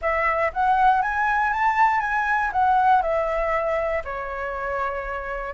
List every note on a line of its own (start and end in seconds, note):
0.01 0.52 E5
0.53 1.02 F#5
1.02 1.52 G#5
1.52 2.00 A5
2.00 2.50 G#5
2.52 3.02 F#5
3.02 4.02 E5
4.04 5.54 C#5